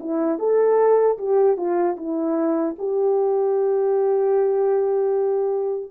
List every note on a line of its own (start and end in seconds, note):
0.00 0.39 E4
0.39 1.18 A4
1.18 1.57 G4
1.57 1.96 F4
1.97 2.76 E4
2.78 5.91 G4